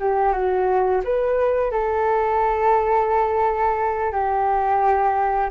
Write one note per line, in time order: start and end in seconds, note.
0.00 0.33 G4
0.33 1.02 F#4
1.04 1.71 B4
1.71 4.12 A4
4.12 5.50 G4